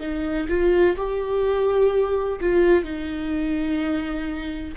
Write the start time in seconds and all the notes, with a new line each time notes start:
0.00 D#4
0.48 F4
0.97 G4
2.40 F4
2.84 D#4